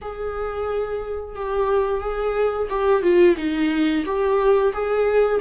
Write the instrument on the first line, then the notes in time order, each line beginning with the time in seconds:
viola
0.01 G#4
1.35 G4
2.00 G#4
2.69 G4
3.02 F4
3.37 D#4
4.05 G4
4.73 G#4